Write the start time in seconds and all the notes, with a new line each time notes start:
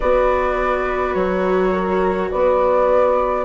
0.00 B3 F#4 B4 D5
1.14 F#3 C#5
1.72 A#4
2.30 B3 B4 D5